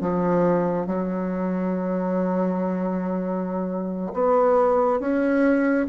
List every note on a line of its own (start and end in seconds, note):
0.00 0.86 F3
0.86 4.12 F#3
4.13 4.99 B3
4.99 5.86 C#4